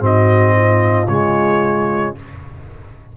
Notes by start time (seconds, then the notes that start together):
0.00 G#2 C4 F#4 D#5
0.56 F4
1.08 C#3 G#3 C#5